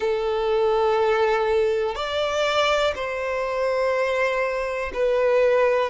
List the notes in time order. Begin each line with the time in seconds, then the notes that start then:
0.00 A4
1.95 D5
2.95 C5
4.93 B4